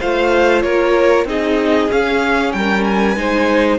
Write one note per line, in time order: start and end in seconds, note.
0.00 0.64 A3
0.00 1.27 F4
0.00 0.63 C5
0.00 0.62 F5
0.62 1.24 A#3
0.62 1.27 A#4
0.62 1.25 C#5
1.24 1.87 C4
1.24 1.89 D#4
1.24 2.54 G#4
1.24 1.91 D#5
1.89 3.15 C#4
1.89 2.54 C#4
1.89 2.52 F5
2.52 3.16 G3
2.52 3.19 A#4
2.52 2.84 G5
2.84 3.79 G#5
3.16 3.79 G#3
3.16 3.79 D#4
3.16 3.79 C5